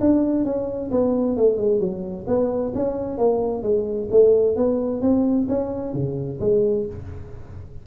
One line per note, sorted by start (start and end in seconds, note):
0.00 0.45 D4
0.45 0.90 C#4
0.91 1.36 B3
1.36 1.57 A3
1.57 1.79 G#3
1.79 2.25 F#3
2.27 2.72 B3
2.74 3.17 C#4
3.17 3.62 A#3
3.62 4.08 G#3
4.11 4.56 A3
4.56 5.01 B3
5.01 5.47 C4
5.48 5.93 C#4
5.93 6.39 C#3
6.40 6.86 G#3